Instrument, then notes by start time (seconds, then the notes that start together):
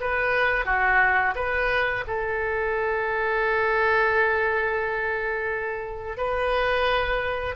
oboe
0.00 B4
0.65 F#4
1.35 B4
2.07 A4
6.17 B4